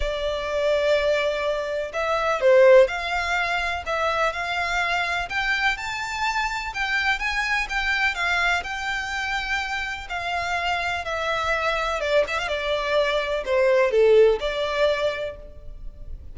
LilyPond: \new Staff \with { instrumentName = "violin" } { \time 4/4 \tempo 4 = 125 d''1 | e''4 c''4 f''2 | e''4 f''2 g''4 | a''2 g''4 gis''4 |
g''4 f''4 g''2~ | g''4 f''2 e''4~ | e''4 d''8 e''16 f''16 d''2 | c''4 a'4 d''2 | }